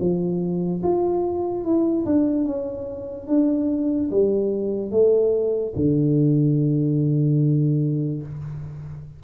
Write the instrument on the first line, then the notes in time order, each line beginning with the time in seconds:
tuba
0.00 F3
0.83 F4
1.64 E4
2.05 D4
2.45 C#4
3.28 D4
4.11 G3
4.91 A3
5.76 D3